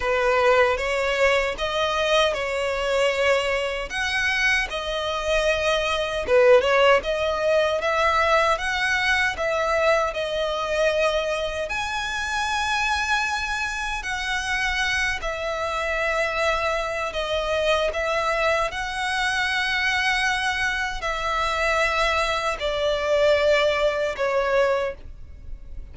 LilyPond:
\new Staff \with { instrumentName = "violin" } { \time 4/4 \tempo 4 = 77 b'4 cis''4 dis''4 cis''4~ | cis''4 fis''4 dis''2 | b'8 cis''8 dis''4 e''4 fis''4 | e''4 dis''2 gis''4~ |
gis''2 fis''4. e''8~ | e''2 dis''4 e''4 | fis''2. e''4~ | e''4 d''2 cis''4 | }